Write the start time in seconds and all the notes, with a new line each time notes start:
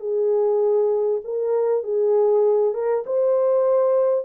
0.00 G#4
1.25 A#4
1.83 G#4
2.74 A#4
3.06 C5